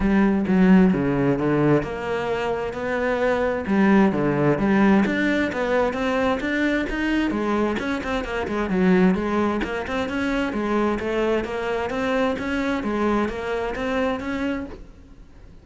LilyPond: \new Staff \with { instrumentName = "cello" } { \time 4/4 \tempo 4 = 131 g4 fis4 cis4 d4 | ais2 b2 | g4 d4 g4 d'4 | b4 c'4 d'4 dis'4 |
gis4 cis'8 c'8 ais8 gis8 fis4 | gis4 ais8 c'8 cis'4 gis4 | a4 ais4 c'4 cis'4 | gis4 ais4 c'4 cis'4 | }